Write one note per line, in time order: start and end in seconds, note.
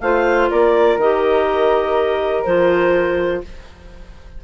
0.00 0.49 A3
0.00 1.00 F4
0.00 0.50 C5
0.00 0.49 F5
0.50 0.97 A#3
0.50 3.43 A#4
0.50 0.98 D5
0.97 2.43 D#3
0.97 2.46 G4
0.97 2.43 D#5
2.43 3.43 F3
2.43 3.44 F4
2.43 3.41 C5